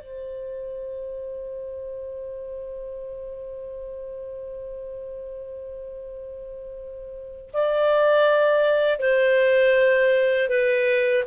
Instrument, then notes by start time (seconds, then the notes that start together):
clarinet
0.00 C5
7.53 D5
8.99 C5
10.48 B4